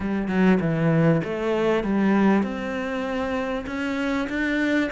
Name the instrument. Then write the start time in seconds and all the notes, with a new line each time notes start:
cello
0.00 G3
0.28 F#3
0.60 E3
1.24 A3
1.83 G3
2.42 C4
3.66 C#4
4.29 D4